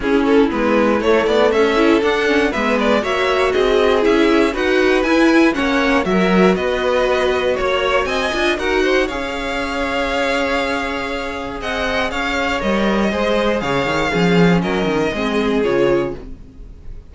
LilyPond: <<
  \new Staff \with { instrumentName = "violin" } { \time 4/4 \tempo 4 = 119 gis'8 a'8 b'4 cis''8 d''8 e''4 | fis''4 e''8 d''8 e''4 dis''4 | e''4 fis''4 gis''4 fis''4 | e''4 dis''2 cis''4 |
gis''4 fis''4 f''2~ | f''2. fis''4 | f''4 dis''2 f''4~ | f''4 dis''2 cis''4 | }
  \new Staff \with { instrumentName = "violin" } { \time 4/4 e'2. a'4~ | a'4 b'4 cis''4 gis'4~ | gis'4 b'2 cis''4 | ais'4 b'2 cis''4 |
dis''4 ais'8 c''8 cis''2~ | cis''2. dis''4 | cis''2 c''4 cis''4 | gis'4 ais'4 gis'2 | }
  \new Staff \with { instrumentName = "viola" } { \time 4/4 cis'4 b4 a4. e'8 | d'8 cis'8 b4 fis'2 | e'4 fis'4 e'4 cis'4 | fis'1~ |
fis'8 f'8 fis'4 gis'2~ | gis'1~ | gis'4 ais'4 gis'2 | cis'2 c'4 f'4 | }
  \new Staff \with { instrumentName = "cello" } { \time 4/4 cis'4 gis4 a8 b8 cis'4 | d'4 gis4 ais4 c'4 | cis'4 dis'4 e'4 ais4 | fis4 b2 ais4 |
c'8 d'8 dis'4 cis'2~ | cis'2. c'4 | cis'4 g4 gis4 cis8 dis8 | f4 fis8 dis8 gis4 cis4 | }
>>